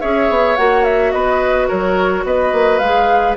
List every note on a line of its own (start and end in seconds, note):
0.00 0.29 C#4
0.00 0.57 G#4
0.00 1.13 C#5
0.00 0.56 E5
0.29 0.57 B3
0.56 1.13 A#3
0.56 2.82 F#4
0.56 0.84 F#5
0.84 1.11 E5
1.11 1.69 B3
1.11 1.68 B4
1.11 1.67 D#5
1.68 2.24 F#3
1.68 2.24 A#4
1.68 2.25 C#5
2.24 2.52 B3
2.24 3.37 B4
2.24 2.79 D#5
2.52 2.80 A#3
2.79 3.36 G#3
2.79 3.37 G#4
2.79 3.35 F5